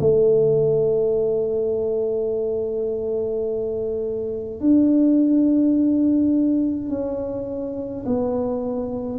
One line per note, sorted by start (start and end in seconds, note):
0.00 4.61 A3
4.61 6.90 D4
6.90 8.05 C#4
8.07 9.19 B3